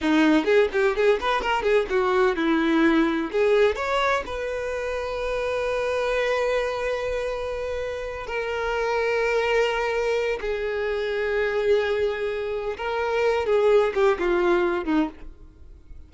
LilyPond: \new Staff \with { instrumentName = "violin" } { \time 4/4 \tempo 4 = 127 dis'4 gis'8 g'8 gis'8 b'8 ais'8 gis'8 | fis'4 e'2 gis'4 | cis''4 b'2.~ | b'1~ |
b'4. ais'2~ ais'8~ | ais'2 gis'2~ | gis'2. ais'4~ | ais'8 gis'4 g'8 f'4. dis'8 | }